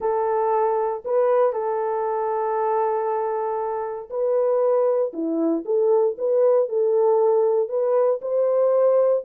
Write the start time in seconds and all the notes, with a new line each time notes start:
0.00 A4
1.04 B4
1.52 A4
4.10 B4
5.13 E4
5.65 A4
6.17 B4
6.68 A4
7.69 B4
8.21 C5